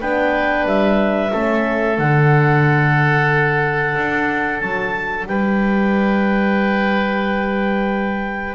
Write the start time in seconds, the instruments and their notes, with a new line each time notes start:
0.00 double bass B3, horn D4, oboe B4, clarinet G5
0.65 double bass G3, clarinet E5
1.31 double bass A3, horn C#4, oboe A4
1.97 double bass D3, horn D4, clarinet F#5
3.96 double bass D4
4.59 double bass F#3, clarinet A5
5.26 double bass G3, oboe B4, clarinet G5